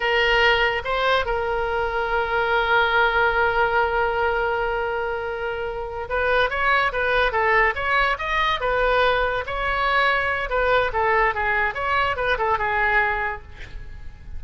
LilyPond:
\new Staff \with { instrumentName = "oboe" } { \time 4/4 \tempo 4 = 143 ais'2 c''4 ais'4~ | ais'1~ | ais'1~ | ais'2~ ais'8 b'4 cis''8~ |
cis''8 b'4 a'4 cis''4 dis''8~ | dis''8 b'2 cis''4.~ | cis''4 b'4 a'4 gis'4 | cis''4 b'8 a'8 gis'2 | }